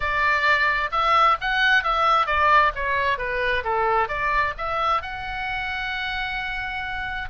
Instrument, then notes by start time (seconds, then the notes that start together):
oboe
0.00 D5
0.91 E5
1.40 F#5
1.83 E5
2.26 D5
2.75 C#5
3.18 B4
3.63 A4
4.08 D5
4.57 E5
5.02 F#5